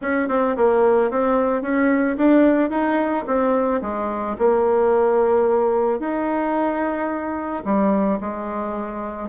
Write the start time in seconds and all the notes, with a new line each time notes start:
0.01 C#4
0.28 C4
0.56 A#3
1.10 C4
1.62 C#4
2.17 D4
2.70 D#4
3.26 C4
3.81 G#3
4.38 A#3
5.99 D#4
7.64 G3
8.20 G#3